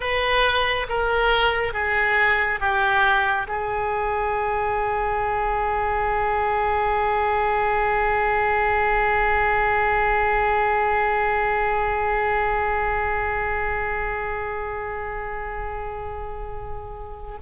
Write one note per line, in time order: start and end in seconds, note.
0.00 0.87 B4
0.89 1.73 A#4
1.73 2.60 G#4
2.60 3.47 G4
3.47 17.38 G#4